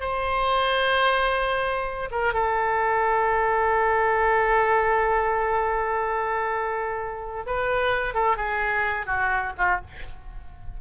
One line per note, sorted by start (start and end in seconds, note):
0.00 2.09 C5
2.11 2.33 A#4
2.33 7.45 A4
7.46 8.14 B4
8.14 8.37 A4
8.37 9.06 G#4
9.06 9.52 F#4
9.58 9.81 F4